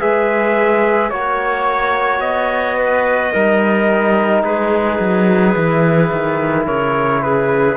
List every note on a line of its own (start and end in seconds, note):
0.00 1.12 G#3
0.00 1.11 G#4
0.00 1.12 B4
0.00 1.10 E5
1.10 2.20 A#3
1.10 3.34 F#4
1.10 2.21 C#5
1.10 2.78 C#5
2.20 3.31 B3
2.20 4.43 D#5
2.78 3.33 B4
3.33 4.44 G3
3.33 5.56 D#4
3.33 4.44 A#4
4.44 4.99 G#3
4.44 6.65 G#4
4.44 6.66 B4
5.00 5.55 F#3
5.56 6.12 E3
5.56 7.77 E4
6.12 6.68 D#3
6.65 7.77 C#3
6.65 7.21 A#4
6.65 7.22 C#5
7.22 7.77 G#4
7.22 7.77 B4